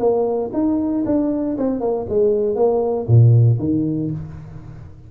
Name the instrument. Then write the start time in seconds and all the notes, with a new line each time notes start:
tuba
0.00 A#3
0.54 D#4
1.06 D4
1.58 C4
1.81 A#3
2.09 G#3
2.56 A#3
3.07 A#2
3.60 D#3